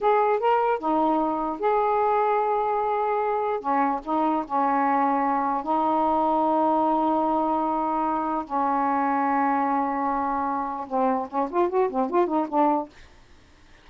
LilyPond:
\new Staff \with { instrumentName = "saxophone" } { \time 4/4 \tempo 4 = 149 gis'4 ais'4 dis'2 | gis'1~ | gis'4 cis'4 dis'4 cis'4~ | cis'2 dis'2~ |
dis'1~ | dis'4 cis'2.~ | cis'2. c'4 | cis'8 f'8 fis'8 c'8 f'8 dis'8 d'4 | }